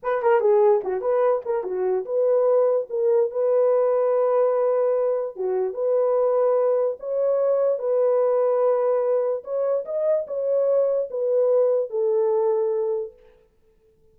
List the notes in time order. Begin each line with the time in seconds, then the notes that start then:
0.02 B4
0.22 A#4
0.40 G#4
0.83 F#4
1.01 B4
1.45 A#4
1.63 F#4
2.05 B4
2.89 A#4
3.30 B4
5.36 F#4
5.73 B4
6.99 C#5
7.79 B4
9.44 C#5
9.85 D#5
10.27 C#5
11.10 B4
11.90 A4